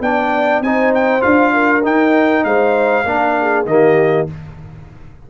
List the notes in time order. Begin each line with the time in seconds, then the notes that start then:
0.00 B3 D4 D5 G5
0.61 C4 D#4 C5 G#5
0.95 G5
1.20 D4 F4 F5
1.53 A#4
1.84 D#4 G5
2.44 G#3 C5 F5
3.05 A#3 D4 A#4
3.41 G#4
3.65 D#3 A#3 G4 D#5